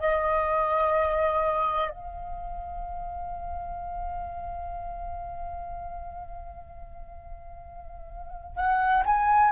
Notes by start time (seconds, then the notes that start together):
0.00 D#5
1.90 F5
8.56 F#5
9.06 G#5